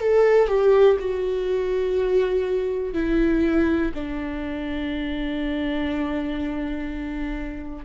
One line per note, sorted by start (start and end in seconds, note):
0.00 0.48 A4
0.48 0.97 G4
0.99 2.93 F#4
2.93 3.92 E4
3.94 7.85 D4